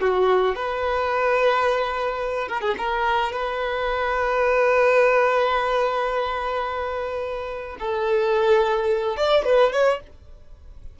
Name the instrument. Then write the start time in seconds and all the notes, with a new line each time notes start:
violin
0.00 F#4
0.55 B4
2.48 A#4
2.61 G#4
2.78 A#4
3.32 B4
7.79 A4
9.16 D5
9.44 B4
9.72 C#5